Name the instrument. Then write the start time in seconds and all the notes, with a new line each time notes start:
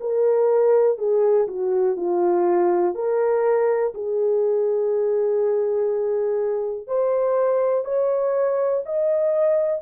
horn
0.00 A#4
0.98 G#4
1.47 F#4
1.96 F4
2.95 A#4
3.94 G#4
6.87 C5
7.85 C#5
8.86 D#5